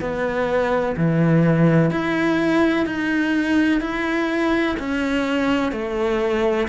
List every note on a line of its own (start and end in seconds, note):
0.00 0.95 B3
0.97 1.90 E3
1.90 2.85 E4
2.85 3.81 D#4
3.81 4.76 E4
4.79 5.71 C#4
5.71 6.67 A3